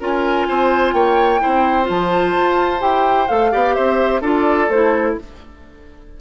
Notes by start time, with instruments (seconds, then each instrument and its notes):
0.00 bassoon C#4, clarinet F4, oboe A#4, flute G#5
0.48 bassoon C4, oboe C5
0.93 bassoon A#3, oboe C#5, flute G5
1.40 bassoon C4, clarinet E4, oboe C5
1.83 bassoon F3, clarinet F4
1.90 flute A5
2.37 bassoon F4
2.80 bassoon E4, clarinet G4, flute G5
3.28 bassoon A3, clarinet A4, flute F5
3.52 bassoon B3, clarinet G4, oboe D5
3.75 bassoon C4, oboe C5, flute E5
4.21 bassoon D4, clarinet F4, oboe A4, flute D5
4.68 bassoon A3, clarinet E4, flute C5